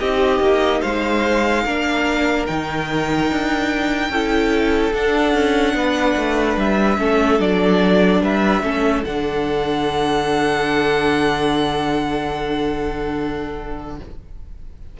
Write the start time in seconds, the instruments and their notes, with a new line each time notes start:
0.00 cello C4, viola D#4, violin G4 D#5
0.40 cello A#3
0.81 cello G#3, violin C5 F5
1.65 cello A#3, viola D4, violin A#4
2.47 cello D#3, viola D#4, violin G5
3.31 cello D4
4.10 cello C#4, viola E4, violin A4
4.93 viola D4, cello D4, violin F#5
5.34 cello C#4
5.74 cello B3, violin B4
6.16 cello A3
6.57 cello G3, violin E5
6.98 cello A3, viola C#4, violin A4
7.40 cello F#3, viola D4, violin D5
8.22 cello G3, violin B4 E5
8.63 cello A3, viola C#4, violin A4
9.05 cello D3, viola D4, violin F#5